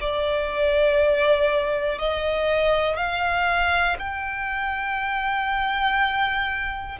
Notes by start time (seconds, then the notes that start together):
0.00 D5
1.98 D#5
2.96 F5
3.98 G5